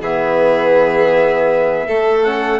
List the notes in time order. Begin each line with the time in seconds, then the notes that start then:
0.00 E3 B3 G#4 E5
1.87 A3 A4
2.23 C#4 F#5